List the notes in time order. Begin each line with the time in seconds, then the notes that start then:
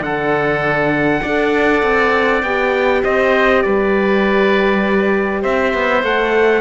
0.00 D3 D4 A4 F#5
1.22 D4 A4 D5
1.82 C4
2.43 B3 G4 G5
3.04 C4 C5 D#5
3.62 G3 B4 D5
5.42 C4 C5 E5
5.74 B3
6.03 A3 A4 F#5